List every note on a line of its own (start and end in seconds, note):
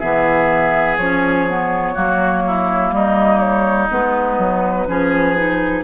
0.00 0.98 E3
0.00 0.99 B3
0.00 1.94 G#4
0.00 0.97 E5
0.97 1.95 F3
0.97 1.49 C#4
0.97 2.91 C#5
1.49 1.95 B3
1.94 2.92 F#3
1.94 3.89 A#3
1.94 2.43 F#4
2.47 2.95 E4
2.92 3.89 G3
2.92 4.88 D#4
2.92 3.39 D#5
3.39 3.87 C#5
3.91 4.38 G#3
3.91 4.88 B3
3.91 5.84 B4
4.38 4.86 F#3
4.88 5.84 F3
4.88 5.36 C#4
4.88 5.84 G#4
5.36 5.84 D#4